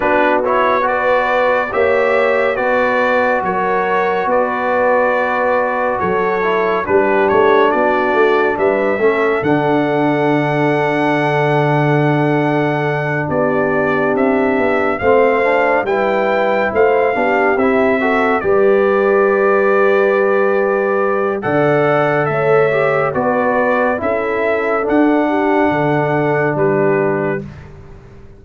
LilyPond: <<
  \new Staff \with { instrumentName = "trumpet" } { \time 4/4 \tempo 4 = 70 b'8 cis''8 d''4 e''4 d''4 | cis''4 d''2 cis''4 | b'8 cis''8 d''4 e''4 fis''4~ | fis''2.~ fis''8 d''8~ |
d''8 e''4 f''4 g''4 f''8~ | f''8 e''4 d''2~ d''8~ | d''4 fis''4 e''4 d''4 | e''4 fis''2 b'4 | }
  \new Staff \with { instrumentName = "horn" } { \time 4/4 fis'4 b'4 cis''4 b'4 | ais'4 b'2 a'4 | g'4 fis'4 b'8 a'4.~ | a'2.~ a'8 g'8~ |
g'4. c''4 b'4 c''8 | g'4 a'8 b'2~ b'8~ | b'4 d''4 cis''4 b'4 | a'4. g'8 a'4 g'4 | }
  \new Staff \with { instrumentName = "trombone" } { \time 4/4 d'8 e'8 fis'4 g'4 fis'4~ | fis'2.~ fis'8 e'8 | d'2~ d'8 cis'8 d'4~ | d'1~ |
d'4. c'8 d'8 e'4. | d'8 e'8 fis'8 g'2~ g'8~ | g'4 a'4. g'8 fis'4 | e'4 d'2. | }
  \new Staff \with { instrumentName = "tuba" } { \time 4/4 b2 ais4 b4 | fis4 b2 fis4 | g8 a8 b8 a8 g8 a8 d4~ | d2.~ d8 b8~ |
b8 c'8 b8 a4 g4 a8 | b8 c'4 g2~ g8~ | g4 d4 a4 b4 | cis'4 d'4 d4 g4 | }
>>